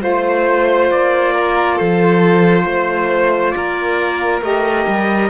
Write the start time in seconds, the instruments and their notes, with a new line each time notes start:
0.00 cello A3, saxophone F4, violin C5, trumpet C5
0.92 cello A#3, trumpet D5
1.34 violin A#4
1.76 cello F3, violin A4, trumpet C5
2.66 cello A3, violin C5
3.51 cello A#3, violin A#4, trumpet D5
4.42 cello A3, saxophone G4, trumpet D#5
4.88 cello G3